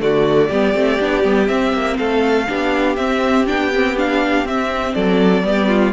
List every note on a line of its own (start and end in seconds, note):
0.00 0.50 D3
0.00 0.50 A3
0.00 0.49 F#4
0.00 1.48 D5
0.49 0.76 G3
0.49 0.74 B3
0.49 1.97 G4
0.74 1.00 A3
0.74 0.99 C4
1.00 1.24 B3
1.00 1.24 D4
1.24 1.49 G3
1.24 1.48 B3
1.48 2.47 C4
1.48 1.73 C4
1.48 1.98 E5
1.73 1.98 A#3
1.98 2.50 A3
1.98 2.48 A4
1.98 2.96 F5
2.47 2.98 B3
2.47 2.97 D4
2.47 4.95 G4
2.96 3.47 C4
2.96 3.46 E5
3.47 4.45 B3
3.47 3.72 D4
3.47 3.98 G5
3.74 3.97 C4
3.97 4.46 D4
3.97 4.48 F5
4.45 4.94 C4
4.45 5.44 C4
4.45 4.94 E5
4.94 5.44 F#3
4.94 5.44 A4
4.94 5.93 D5
5.44 5.93 G3
5.44 5.93 B3
5.44 5.69 G4
5.69 5.93 F4